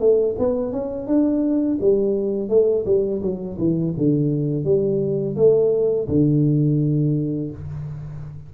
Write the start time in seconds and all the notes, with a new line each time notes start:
0.00 A3
0.39 B3
0.73 C#4
1.07 D4
1.81 G3
2.49 A3
2.86 G3
3.22 F#3
3.59 E3
3.98 D3
4.64 G3
5.37 A3
6.08 D3